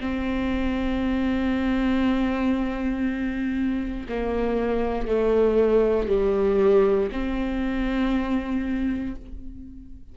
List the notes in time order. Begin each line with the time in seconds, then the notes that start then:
0.00 C4
4.09 A#3
5.07 A3
6.08 G3
7.12 C4